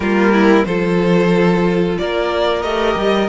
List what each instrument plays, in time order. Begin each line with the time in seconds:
0.00 cello G3, viola A#3, violin F4 A#4
0.33 violin E4
0.65 cello F3, viola F4, violin A4 C5
1.98 cello A#3, violin A#4 D5
2.62 cello A3, viola G4, violin D#5
2.96 cello G3